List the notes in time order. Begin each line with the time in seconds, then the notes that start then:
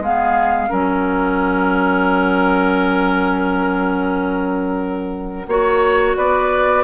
0.00 G#3 B3 G#4 F5
0.68 F#3 C#4 A#4 F#5
5.48 A#3 F#4 C#5
6.17 B3 B4 D5